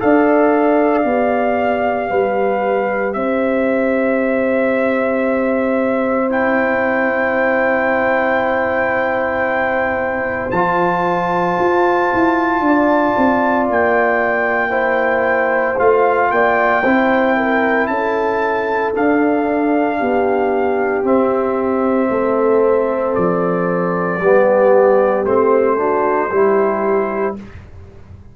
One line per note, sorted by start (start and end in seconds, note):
0.00 1.05 D4
0.00 1.03 A4
0.00 2.10 D5
0.00 3.14 F5
1.03 2.10 B3
1.03 6.29 G4
2.10 3.15 G3
2.10 3.16 B4
3.14 10.52 C4
3.14 12.63 C5
3.14 6.29 E5
6.30 10.51 E4
6.30 10.51 G5
10.51 11.57 F3
10.51 14.71 F4
10.51 13.67 A5
11.60 12.12 F4
12.14 12.60 E4
12.60 13.13 D4
12.67 14.70 D5
13.17 13.69 C4
13.69 15.79 A#3
13.69 15.80 G5
14.70 15.76 E4
14.70 16.28 C5
15.78 16.32 A3
15.78 16.83 F4
15.78 16.31 F5
16.31 16.84 A#3
16.31 16.84 D5
16.31 17.87 G5
16.84 17.88 C4
16.84 18.95 E4
16.84 17.36 C5
17.37 17.89 A#4
17.87 18.93 C#4
17.87 19.99 A4
17.87 18.92 A5
18.95 21.04 D4
18.95 20.01 D4
18.95 21.06 F5
19.99 21.04 B3
19.99 22.09 G4
21.04 22.09 C4
21.04 24.20 C4
21.04 23.15 E5
22.10 23.15 A3
22.10 24.22 A4
23.15 24.20 F3
23.15 25.25 D5
24.20 25.25 G3
24.20 25.27 B3
24.20 25.79 G4
25.25 26.31 A3
25.25 25.78 C4
25.25 27.36 C5
25.78 26.30 D4
25.78 26.30 F#4
26.30 27.36 G3
26.30 27.36 E4
26.30 27.35 G4